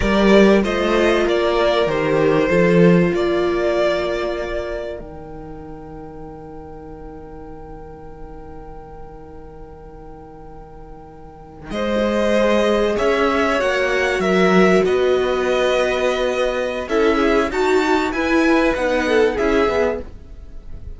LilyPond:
<<
  \new Staff \with { instrumentName = "violin" } { \time 4/4 \tempo 4 = 96 d''4 dis''4 d''4 c''4~ | c''4 d''2. | g''1~ | g''1~ |
g''2~ g''8. dis''4~ dis''16~ | dis''8. e''4 fis''4 e''4 dis''16~ | dis''2. e''4 | a''4 gis''4 fis''4 e''4 | }
  \new Staff \with { instrumentName = "violin" } { \time 4/4 ais'4 c''4 ais'2 | a'4 ais'2.~ | ais'1~ | ais'1~ |
ais'2~ ais'8. c''4~ c''16~ | c''8. cis''2 ais'4 b'16~ | b'2. a'8 gis'8 | fis'4 b'4. a'8 gis'4 | }
  \new Staff \with { instrumentName = "viola" } { \time 4/4 g'4 f'2 g'4 | f'1 | dis'1~ | dis'1~ |
dis'2.~ dis'8. gis'16~ | gis'4.~ gis'16 fis'2~ fis'16~ | fis'2. e'4 | fis'4 e'4 dis'4 e'8 gis'8 | }
  \new Staff \with { instrumentName = "cello" } { \time 4/4 g4 a4 ais4 dis4 | f4 ais2. | dis1~ | dis1~ |
dis2~ dis8. gis4~ gis16~ | gis8. cis'4 ais4 fis4 b16~ | b2. cis'4 | dis'4 e'4 b4 cis'8 b8 | }
>>